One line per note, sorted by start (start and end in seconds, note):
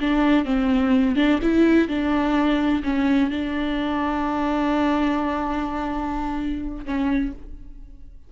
0.00 0.45 D4
0.45 1.16 C4
1.16 1.39 D4
1.42 1.88 E4
1.88 2.82 D4
2.83 3.30 C#4
3.30 6.84 D4
6.85 7.32 C#4